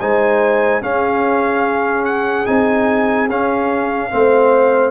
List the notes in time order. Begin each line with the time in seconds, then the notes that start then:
0.00 G#3 D#4 C5 G#5
0.82 C#4 G#4 F5
2.05 F#5
2.46 C4 D#4 G#5
3.30 C#4 F5
4.11 A3 C4 C5